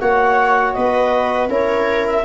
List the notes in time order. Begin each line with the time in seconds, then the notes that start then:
0.00 A#3 F#4 C#5 F#5
0.73 B3 B4 D#5
1.49 C#4 E4 A#4 C#5
2.07 E5